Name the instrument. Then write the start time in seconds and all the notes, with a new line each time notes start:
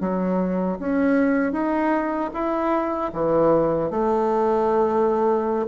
bassoon
0.00 F#3
0.79 C#4
1.52 D#4
2.33 E4
3.12 E3
3.90 A3